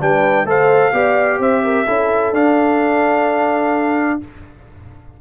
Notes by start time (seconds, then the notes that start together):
0.00 G3 D4 B4 G5
0.45 A3 A4 C5 F5
0.93 B3 G4 D5
1.39 C4 C5 E5
1.64 A#4
1.86 C#4 E4 A4
2.32 D4 F5